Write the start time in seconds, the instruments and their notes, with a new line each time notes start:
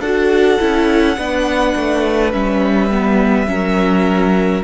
0.00 cello D4, viola F#4, violin A4 F#5
0.59 cello C#4, viola E4
1.17 cello B3, viola D4, violin B4
1.75 cello A3
2.32 cello G3, viola C#4, violin E5
2.91 viola B3
3.47 cello F#3, viola C#4, violin A#4